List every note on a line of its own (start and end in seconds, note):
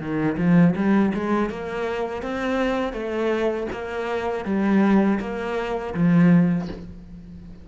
0.00 0.37 D#3
0.38 0.75 F3
0.76 1.13 G3
1.14 1.50 G#3
1.50 2.22 A#3
2.22 2.93 C4
2.93 3.67 A3
3.73 4.45 A#3
4.45 5.20 G3
5.20 5.94 A#3
5.94 6.68 F3